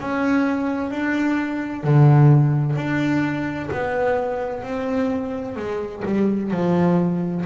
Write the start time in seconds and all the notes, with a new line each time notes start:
0.00 C#4
0.90 D4
1.83 D3
2.76 D4
3.71 B3
4.63 C4
5.56 G#3
6.05 G3
6.51 F3